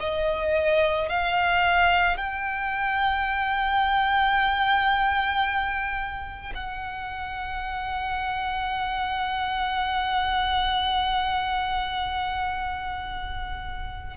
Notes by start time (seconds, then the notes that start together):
0.00 D#5
1.09 F5
2.17 G5
6.55 F#5